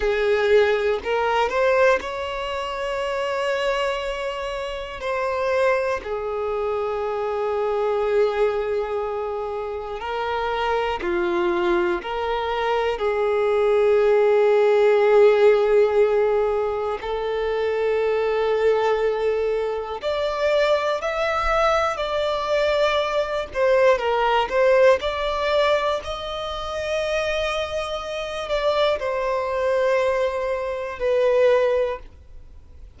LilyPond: \new Staff \with { instrumentName = "violin" } { \time 4/4 \tempo 4 = 60 gis'4 ais'8 c''8 cis''2~ | cis''4 c''4 gis'2~ | gis'2 ais'4 f'4 | ais'4 gis'2.~ |
gis'4 a'2. | d''4 e''4 d''4. c''8 | ais'8 c''8 d''4 dis''2~ | dis''8 d''8 c''2 b'4 | }